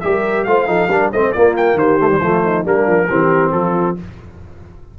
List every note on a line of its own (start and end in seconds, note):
0.00 0.46 G3
0.00 0.47 G4
0.00 0.48 A#4
0.00 0.44 E5
0.44 0.68 A3
0.44 0.67 F4
0.44 0.68 C5
0.44 1.09 F5
0.67 0.89 F3
0.67 0.89 D#4
0.67 0.89 A4
0.89 1.11 G3
0.89 1.13 D4
0.89 1.11 A#4
1.12 1.35 A3
1.12 1.35 C4
1.12 1.34 C5
1.12 1.32 D#5
1.32 1.74 A#3
1.32 1.99 A#3
1.32 1.77 F4
1.32 1.54 D5
1.56 1.78 G5
1.74 2.18 D#3
1.74 2.22 G4
1.74 2.66 C5
1.99 2.09 A3
2.09 2.20 G3
2.21 2.65 F3
2.21 2.64 A3
2.21 2.44 F4
2.44 2.65 D#4
2.64 2.87 G3
2.64 3.08 A#3
2.64 3.08 D4
2.64 3.52 A#4
2.87 3.09 F3
3.09 3.54 E3
3.09 3.97 C4
3.09 3.53 G4
3.52 3.97 F3
3.52 3.98 F4
3.52 3.96 A4